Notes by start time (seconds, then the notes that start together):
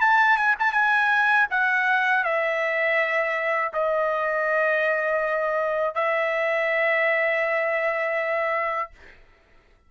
0.00 A5
0.36 G#5
0.59 A5
0.72 G#5
1.50 F#5
2.24 E5
3.73 D#5
5.94 E5